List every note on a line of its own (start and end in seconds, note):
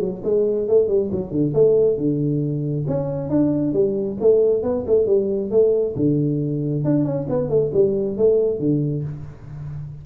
0.00 0.22 F#3
0.24 0.68 G#3
0.68 0.88 A3
0.88 1.10 G3
1.12 1.31 F#3
1.31 1.53 D3
1.54 1.97 A3
1.97 2.86 D3
2.88 3.30 C#4
3.30 3.74 D4
3.74 4.18 G3
4.21 4.63 A3
4.63 4.85 B3
4.87 5.07 A3
5.07 5.51 G3
5.51 5.95 A3
5.96 6.84 D3
6.85 7.05 D4
7.05 7.27 C#4
7.29 7.49 B3
7.49 7.71 A3
7.74 8.17 G3
8.17 8.59 A3
8.59 9.04 D3